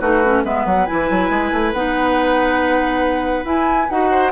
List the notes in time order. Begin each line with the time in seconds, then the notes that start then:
0.00 A3 D#4 F#4 B4
0.24 C#4
0.44 G#3 B3 B4 E5
0.65 F#3 F#5
0.86 E3 E4 G#5
1.10 F#3
1.29 G#3
1.52 A3
1.73 B3 D#4 F#5
3.44 E4 G#5
3.89 D#4 F#4 F#5
4.10 C5